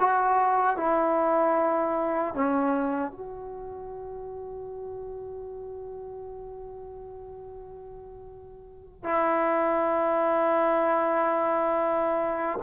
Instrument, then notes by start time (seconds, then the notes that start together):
trombone
0.00 F#4
0.77 E4
2.35 C#4
3.12 F#4
9.04 E4